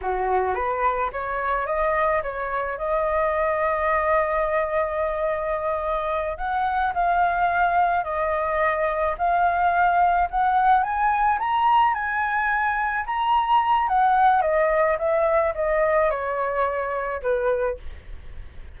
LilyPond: \new Staff \with { instrumentName = "flute" } { \time 4/4 \tempo 4 = 108 fis'4 b'4 cis''4 dis''4 | cis''4 dis''2.~ | dis''2.~ dis''8 fis''8~ | fis''8 f''2 dis''4.~ |
dis''8 f''2 fis''4 gis''8~ | gis''8 ais''4 gis''2 ais''8~ | ais''4 fis''4 dis''4 e''4 | dis''4 cis''2 b'4 | }